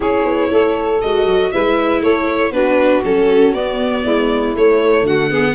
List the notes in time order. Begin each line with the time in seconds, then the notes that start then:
0.00 C#4 E4 G#4 C#5
0.24 B3
0.50 A3 A4
1.01 G#3 F#4 D#5
1.25 F#3
1.51 G#3 E4 B4 E5
2.01 A3 A4 C#5
2.51 B3 D4 F#4 B4
3.04 F#3 C#4 A4
3.53 B3 D5
4.03 G#3 E4
4.55 A3 C#5
5.01 D3 F#4 F#5
5.30 B3 G#4